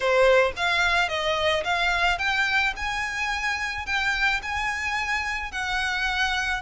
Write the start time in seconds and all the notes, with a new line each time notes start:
0.00 C5
0.56 F5
1.08 D#5
1.63 F5
2.18 G5
2.76 G#5
3.85 G5
4.42 G#5
5.51 F#5